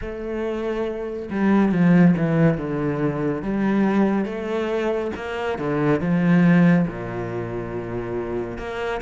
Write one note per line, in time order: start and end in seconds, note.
0.01 1.29 A3
1.30 1.71 G3
1.71 2.14 F3
2.17 2.57 E3
2.57 3.42 D3
3.42 4.25 G3
4.25 5.11 A3
5.15 5.58 A#3
5.58 6.00 D3
6.00 6.86 F3
6.87 8.58 A#2
8.58 9.00 A#3